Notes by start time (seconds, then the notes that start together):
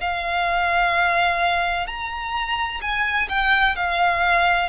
0.00 F5
1.87 A#5
2.81 G#5
3.29 G5
3.76 F5